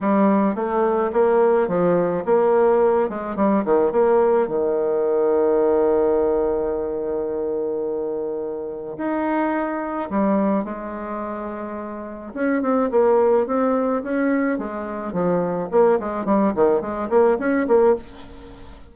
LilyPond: \new Staff \with { instrumentName = "bassoon" } { \time 4/4 \tempo 4 = 107 g4 a4 ais4 f4 | ais4. gis8 g8 dis8 ais4 | dis1~ | dis1 |
dis'2 g4 gis4~ | gis2 cis'8 c'8 ais4 | c'4 cis'4 gis4 f4 | ais8 gis8 g8 dis8 gis8 ais8 cis'8 ais8 | }